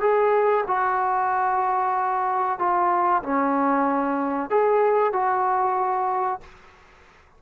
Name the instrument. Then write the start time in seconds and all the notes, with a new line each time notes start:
trombone
0.00 G#4
0.67 F#4
2.58 F4
3.22 C#4
4.50 G#4
5.13 F#4